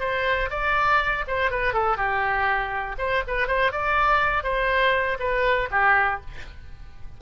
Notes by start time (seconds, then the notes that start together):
0.00 C5
0.50 D5
1.28 C5
1.51 B4
1.74 A4
1.97 G4
2.98 C5
3.28 B4
3.48 C5
3.72 D5
4.44 C5
5.20 B4
5.71 G4